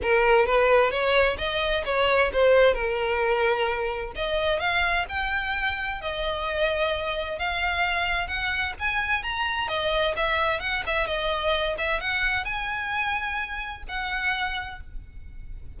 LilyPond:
\new Staff \with { instrumentName = "violin" } { \time 4/4 \tempo 4 = 130 ais'4 b'4 cis''4 dis''4 | cis''4 c''4 ais'2~ | ais'4 dis''4 f''4 g''4~ | g''4 dis''2. |
f''2 fis''4 gis''4 | ais''4 dis''4 e''4 fis''8 e''8 | dis''4. e''8 fis''4 gis''4~ | gis''2 fis''2 | }